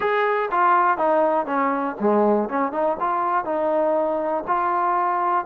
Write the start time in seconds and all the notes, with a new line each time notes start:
0.00 G#4
0.51 F4
0.97 D#4
1.46 C#4
2.00 G#3
2.49 C#4
2.72 D#4
3.00 F4
3.45 D#4
4.47 F4